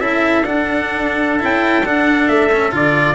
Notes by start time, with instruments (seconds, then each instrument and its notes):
0.00 tuba C#4, cello E4, trumpet A4 E5
0.44 tuba D4, cello D4, trumpet F#5
1.40 tuba C#4, cello E4, trumpet G5
1.85 tuba D4, cello D4, trumpet F#5
2.29 tuba A3, trumpet E5
2.53 cello C#4
2.72 tuba D3, cello F4, trumpet D5